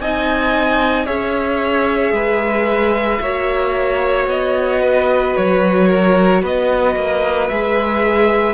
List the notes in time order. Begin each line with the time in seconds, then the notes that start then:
0.00 C4 D#4 D#5 G#5
1.06 C#4 G#4 C#5 E5
2.12 G#3 B4
3.20 A#3 F#4 C#5
4.27 B3 D#5
4.81 B4
5.36 F#3 C#5
5.88 A#4
6.42 B3 B4 D#5
6.96 A#3
7.48 G#3 G#4 E5